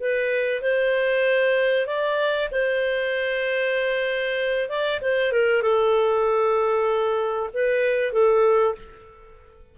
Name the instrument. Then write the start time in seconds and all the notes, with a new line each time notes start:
clarinet
0.00 B4
0.61 C5
1.86 D5
2.51 C5
4.68 D5
5.01 C5
5.32 A#4
5.62 A4
7.53 B4
8.12 A4